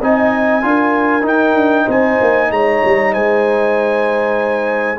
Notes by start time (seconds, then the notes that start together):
0.00 C4 D#4 D#5 G#5
0.62 D4 F4 A#4
1.22 D#4 G5
1.55 D4
1.85 C4 C5 G#5
2.21 A#3
2.51 G#3 C#5 A#5
2.85 G3
3.13 G#3 C5 G#5